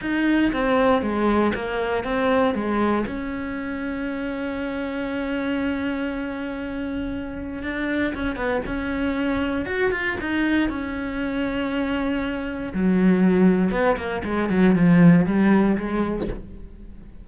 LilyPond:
\new Staff \with { instrumentName = "cello" } { \time 4/4 \tempo 4 = 118 dis'4 c'4 gis4 ais4 | c'4 gis4 cis'2~ | cis'1~ | cis'2. d'4 |
cis'8 b8 cis'2 fis'8 f'8 | dis'4 cis'2.~ | cis'4 fis2 b8 ais8 | gis8 fis8 f4 g4 gis4 | }